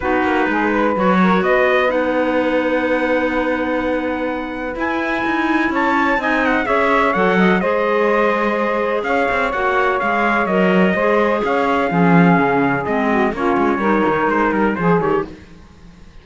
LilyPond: <<
  \new Staff \with { instrumentName = "trumpet" } { \time 4/4 \tempo 4 = 126 b'2 cis''4 dis''4 | fis''1~ | fis''2 gis''2 | a''4 gis''8 fis''8 e''4 fis''4 |
dis''2. f''4 | fis''4 f''4 dis''2 | f''2. dis''4 | cis''2 c''8 ais'8 c''8 cis''8 | }
  \new Staff \with { instrumentName = "saxophone" } { \time 4/4 fis'4 gis'8 b'4 ais'8 b'4~ | b'1~ | b'1 | cis''4 dis''4 cis''4. dis''8 |
c''2. cis''4~ | cis''2. c''4 | cis''4 gis'2~ gis'8 fis'8 | f'4 ais'2 gis'4 | }
  \new Staff \with { instrumentName = "clarinet" } { \time 4/4 dis'2 fis'2 | dis'1~ | dis'2 e'2~ | e'4 dis'4 gis'4 a'4 |
gis'1 | fis'4 gis'4 ais'4 gis'4~ | gis'4 cis'2 c'4 | cis'4 dis'2 gis'8 g'8 | }
  \new Staff \with { instrumentName = "cello" } { \time 4/4 b8 ais8 gis4 fis4 b4~ | b1~ | b2 e'4 dis'4 | cis'4 c'4 cis'4 fis4 |
gis2. cis'8 c'8 | ais4 gis4 fis4 gis4 | cis'4 f4 cis4 gis4 | ais8 gis8 g8 dis8 gis8 g8 f8 dis8 | }
>>